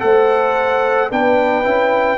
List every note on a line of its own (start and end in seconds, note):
0.00 1.11 A3
0.00 1.09 A4
0.00 1.11 C5
0.00 1.10 F#5
1.10 1.65 B3
1.10 1.64 D4
1.10 2.18 B4
1.10 2.18 G5
1.64 2.18 C#4
1.64 2.18 E4